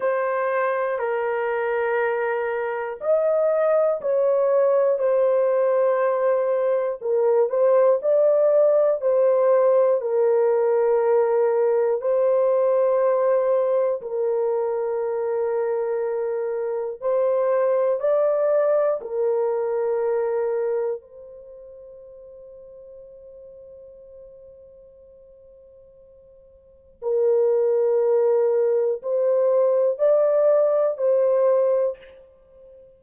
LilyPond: \new Staff \with { instrumentName = "horn" } { \time 4/4 \tempo 4 = 60 c''4 ais'2 dis''4 | cis''4 c''2 ais'8 c''8 | d''4 c''4 ais'2 | c''2 ais'2~ |
ais'4 c''4 d''4 ais'4~ | ais'4 c''2.~ | c''2. ais'4~ | ais'4 c''4 d''4 c''4 | }